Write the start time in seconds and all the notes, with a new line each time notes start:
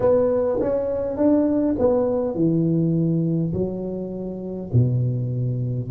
0.00 B3
0.60 C#4
1.17 D4
1.78 B3
2.35 E3
3.53 F#3
4.72 B2